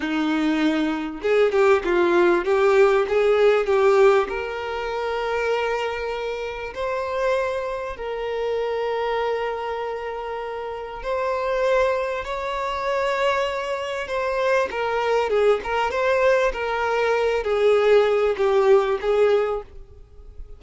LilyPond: \new Staff \with { instrumentName = "violin" } { \time 4/4 \tempo 4 = 98 dis'2 gis'8 g'8 f'4 | g'4 gis'4 g'4 ais'4~ | ais'2. c''4~ | c''4 ais'2.~ |
ais'2 c''2 | cis''2. c''4 | ais'4 gis'8 ais'8 c''4 ais'4~ | ais'8 gis'4. g'4 gis'4 | }